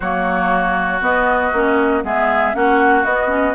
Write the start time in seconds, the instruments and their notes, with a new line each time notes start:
0.00 bassoon F#3, clarinet A#3, oboe F#4, flute C#5
1.01 bassoon B3, clarinet B3, flute D#5
1.52 bassoon A#3, clarinet C#4
2.03 bassoon G#3, clarinet B3, oboe G#4, flute E5
2.53 bassoon A#3, clarinet C#4, oboe F#4, flute F#5
3.04 bassoon B3, clarinet B3, flute D#5
3.27 clarinet C#4